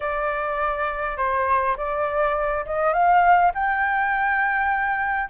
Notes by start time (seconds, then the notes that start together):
0.00 D5
1.17 C5
1.76 D5
2.65 D#5
2.93 F5
3.54 G5